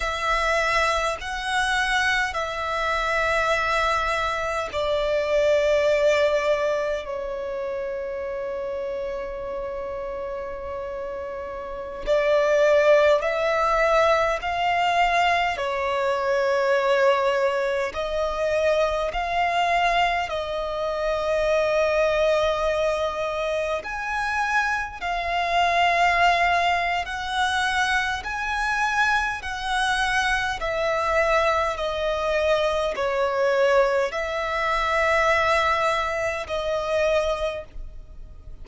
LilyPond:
\new Staff \with { instrumentName = "violin" } { \time 4/4 \tempo 4 = 51 e''4 fis''4 e''2 | d''2 cis''2~ | cis''2~ cis''16 d''4 e''8.~ | e''16 f''4 cis''2 dis''8.~ |
dis''16 f''4 dis''2~ dis''8.~ | dis''16 gis''4 f''4.~ f''16 fis''4 | gis''4 fis''4 e''4 dis''4 | cis''4 e''2 dis''4 | }